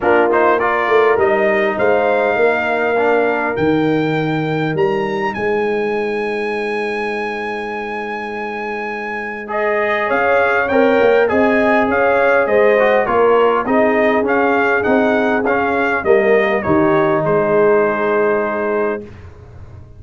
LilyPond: <<
  \new Staff \with { instrumentName = "trumpet" } { \time 4/4 \tempo 4 = 101 ais'8 c''8 d''4 dis''4 f''4~ | f''2 g''2 | ais''4 gis''2.~ | gis''1 |
dis''4 f''4 g''4 gis''4 | f''4 dis''4 cis''4 dis''4 | f''4 fis''4 f''4 dis''4 | cis''4 c''2. | }
  \new Staff \with { instrumentName = "horn" } { \time 4/4 f'4 ais'2 c''4 | ais'1~ | ais'4 c''2.~ | c''1~ |
c''4 cis''2 dis''4 | cis''4 c''4 ais'4 gis'4~ | gis'2. ais'4 | g'4 gis'2. | }
  \new Staff \with { instrumentName = "trombone" } { \time 4/4 d'8 dis'8 f'4 dis'2~ | dis'4 d'4 dis'2~ | dis'1~ | dis'1 |
gis'2 ais'4 gis'4~ | gis'4. fis'8 f'4 dis'4 | cis'4 dis'4 cis'4 ais4 | dis'1 | }
  \new Staff \with { instrumentName = "tuba" } { \time 4/4 ais4. a8 g4 gis4 | ais2 dis2 | g4 gis2.~ | gis1~ |
gis4 cis'4 c'8 ais8 c'4 | cis'4 gis4 ais4 c'4 | cis'4 c'4 cis'4 g4 | dis4 gis2. | }
>>